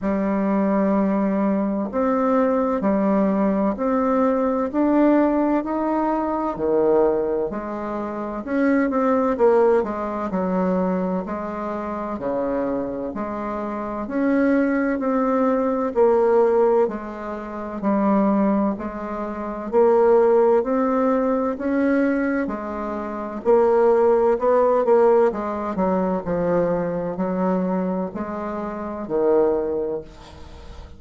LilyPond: \new Staff \with { instrumentName = "bassoon" } { \time 4/4 \tempo 4 = 64 g2 c'4 g4 | c'4 d'4 dis'4 dis4 | gis4 cis'8 c'8 ais8 gis8 fis4 | gis4 cis4 gis4 cis'4 |
c'4 ais4 gis4 g4 | gis4 ais4 c'4 cis'4 | gis4 ais4 b8 ais8 gis8 fis8 | f4 fis4 gis4 dis4 | }